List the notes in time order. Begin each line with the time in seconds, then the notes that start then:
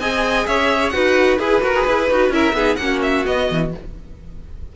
0.00 C4 G#4 D#5 G#5
0.47 C#4 C#5 E5
0.90 D#4 F#4 B4 F#5
1.39 E4 G#4 B4
1.63 F#4 A#4
1.75 G#4
1.87 E4 B4
2.11 D#4 F#4
2.30 C#4 E4 A#4 E5
2.53 B3 D#4 G#4
2.76 A#3 C#4 F#5
2.83 F#4
3.03 E5
3.26 B3 D#5
3.51 E3